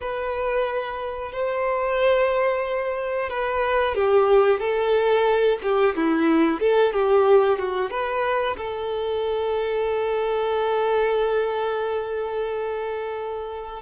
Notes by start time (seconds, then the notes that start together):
0.00 B4
1.32 C5
3.29 B4
3.94 G4
4.59 A4
5.62 G4
5.95 E4
6.60 A4
6.93 G4
7.58 F#4
7.90 B4
8.57 A4